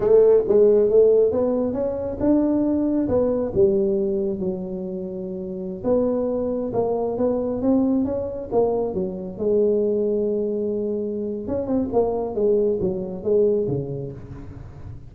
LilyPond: \new Staff \with { instrumentName = "tuba" } { \time 4/4 \tempo 4 = 136 a4 gis4 a4 b4 | cis'4 d'2 b4 | g2 fis2~ | fis4~ fis16 b2 ais8.~ |
ais16 b4 c'4 cis'4 ais8.~ | ais16 fis4 gis2~ gis8.~ | gis2 cis'8 c'8 ais4 | gis4 fis4 gis4 cis4 | }